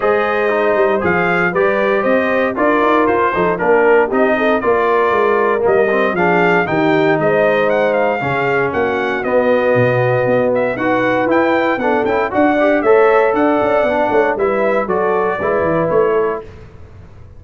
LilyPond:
<<
  \new Staff \with { instrumentName = "trumpet" } { \time 4/4 \tempo 4 = 117 dis''2 f''4 d''4 | dis''4 d''4 c''4 ais'4 | dis''4 d''2 dis''4 | f''4 g''4 dis''4 fis''8 f''8~ |
f''4 fis''4 dis''2~ | dis''8 e''8 fis''4 g''4 fis''8 g''8 | fis''4 e''4 fis''2 | e''4 d''2 cis''4 | }
  \new Staff \with { instrumentName = "horn" } { \time 4/4 c''2. b'4 | c''4 ais'4. a'8 ais'4 | g'8 a'8 ais'2. | gis'4 g'4 c''2 |
gis'4 fis'2.~ | fis'4 b'2 a'4 | d''4 cis''4 d''4. cis''8 | b'4 a'4 b'4. a'8 | }
  \new Staff \with { instrumentName = "trombone" } { \time 4/4 gis'4 dis'4 gis'4 g'4~ | g'4 f'4. dis'8 d'4 | dis'4 f'2 ais8 c'8 | d'4 dis'2. |
cis'2 b2~ | b4 fis'4 e'4 d'8 e'8 | fis'8 g'8 a'2 d'4 | e'4 fis'4 e'2 | }
  \new Staff \with { instrumentName = "tuba" } { \time 4/4 gis4. g8 f4 g4 | c'4 d'8 dis'8 f'8 f8 ais4 | c'4 ais4 gis4 g4 | f4 dis4 gis2 |
cis4 ais4 b4 b,4 | b4 dis'4 e'4 b8 cis'8 | d'4 a4 d'8 cis'8 b8 a8 | g4 fis4 gis8 e8 a4 | }
>>